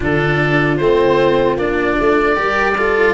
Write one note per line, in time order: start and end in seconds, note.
0.00 0.79 D3
0.00 0.78 D4
0.00 2.36 F4
0.00 0.76 A4
0.76 1.56 A3
0.76 1.58 C4
0.76 1.55 C5
1.56 1.96 A#3
1.56 2.36 D4
1.56 3.13 D5
1.99 2.37 A3
2.36 3.13 G3
2.36 2.75 G4
2.36 2.75 A#4
2.77 3.13 F4
2.77 3.13 A4